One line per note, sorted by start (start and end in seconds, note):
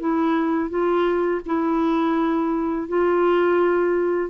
0.00 0.70 E4
0.70 1.41 F4
1.46 2.89 E4
2.89 4.31 F4